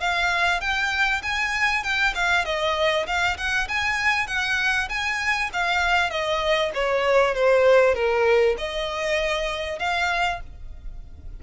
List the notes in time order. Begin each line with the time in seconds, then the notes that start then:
0.00 F5
0.60 G5
1.22 G#5
1.83 G5
2.14 F5
2.45 D#5
3.06 F5
3.37 F#5
3.68 G#5
4.27 F#5
4.89 G#5
5.53 F5
6.10 D#5
6.74 C#5
7.34 C5
7.94 A#4
8.57 D#5
9.78 F5